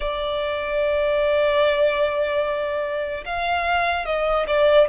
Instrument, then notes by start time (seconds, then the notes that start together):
violin
0.00 D5
3.25 F5
4.05 D#5
4.47 D5